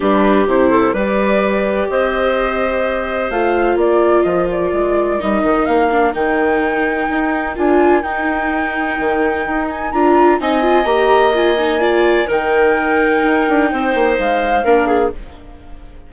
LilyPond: <<
  \new Staff \with { instrumentName = "flute" } { \time 4/4 \tempo 4 = 127 b'4 c''4 d''2 | dis''2. f''4 | d''4 dis''8 d''4. dis''4 | f''4 g''2. |
gis''4 g''2.~ | g''8 gis''8 ais''4 gis''4 ais''4 | gis''2 g''2~ | g''2 f''2 | }
  \new Staff \with { instrumentName = "clarinet" } { \time 4/4 g'4. a'8 b'2 | c''1 | ais'1~ | ais'1~ |
ais'1~ | ais'2 dis''2~ | dis''4 d''4 ais'2~ | ais'4 c''2 ais'8 gis'8 | }
  \new Staff \with { instrumentName = "viola" } { \time 4/4 d'4 e'4 g'2~ | g'2. f'4~ | f'2. dis'4~ | dis'8 d'8 dis'2. |
f'4 dis'2.~ | dis'4 f'4 dis'8 f'8 g'4 | f'8 dis'8 f'4 dis'2~ | dis'2. d'4 | }
  \new Staff \with { instrumentName = "bassoon" } { \time 4/4 g4 c4 g2 | c'2. a4 | ais4 f4 gis4 g8 dis8 | ais4 dis2 dis'4 |
d'4 dis'2 dis4 | dis'4 d'4 c'4 ais4~ | ais2 dis2 | dis'8 d'8 c'8 ais8 gis4 ais4 | }
>>